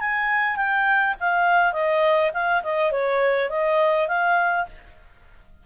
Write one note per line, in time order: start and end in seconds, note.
0.00 0.57 G#5
0.57 1.15 G5
1.20 1.73 F5
1.73 2.31 D#5
2.34 2.63 F5
2.63 2.92 D#5
2.92 3.50 C#5
3.50 4.08 D#5
4.08 4.66 F5